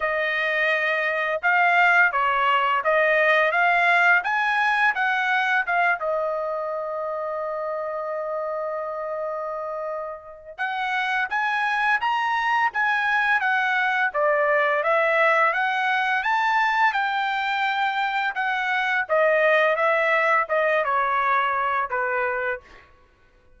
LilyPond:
\new Staff \with { instrumentName = "trumpet" } { \time 4/4 \tempo 4 = 85 dis''2 f''4 cis''4 | dis''4 f''4 gis''4 fis''4 | f''8 dis''2.~ dis''8~ | dis''2. fis''4 |
gis''4 ais''4 gis''4 fis''4 | d''4 e''4 fis''4 a''4 | g''2 fis''4 dis''4 | e''4 dis''8 cis''4. b'4 | }